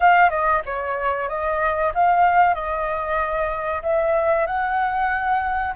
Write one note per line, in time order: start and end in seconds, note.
0.00 0.30 F5
0.30 0.62 D#5
0.65 1.28 C#5
1.28 1.92 D#5
1.94 2.54 F5
2.54 3.82 D#5
3.82 4.46 E5
4.46 5.74 F#5